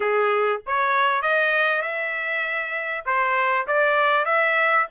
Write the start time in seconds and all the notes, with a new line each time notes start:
0.00 G#4
0.66 C#5
1.22 D#5
1.81 E5
3.05 C5
3.67 D5
4.25 E5